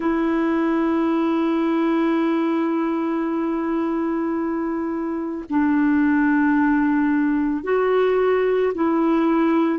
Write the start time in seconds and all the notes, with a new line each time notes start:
0.00 E4
5.49 D4
7.63 F#4
8.74 E4